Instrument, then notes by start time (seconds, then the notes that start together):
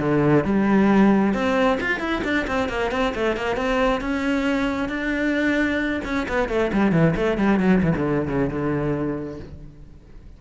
cello
0.00 D3
0.45 G3
1.34 C4
1.81 F4
2.00 E4
2.24 D4
2.48 C4
2.69 A#3
2.91 C4
3.15 A3
3.37 A#3
3.57 C4
4.01 C#4
4.89 D4
6.05 C#4
6.28 B3
6.49 A3
6.73 G3
6.92 E3
7.16 A3
7.38 G3
7.60 F#3
7.83 E3
7.96 D3
8.28 C#3
8.50 D3